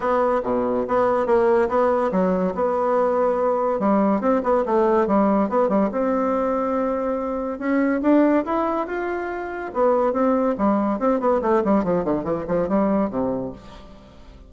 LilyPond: \new Staff \with { instrumentName = "bassoon" } { \time 4/4 \tempo 4 = 142 b4 b,4 b4 ais4 | b4 fis4 b2~ | b4 g4 c'8 b8 a4 | g4 b8 g8 c'2~ |
c'2 cis'4 d'4 | e'4 f'2 b4 | c'4 g4 c'8 b8 a8 g8 | f8 d8 e8 f8 g4 c4 | }